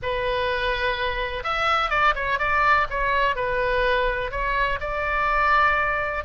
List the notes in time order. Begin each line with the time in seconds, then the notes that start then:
0.02 B4
1.43 E5
1.90 D5
2.15 C#5
2.38 D5
2.90 C#5
3.35 B4
4.31 C#5
4.80 D5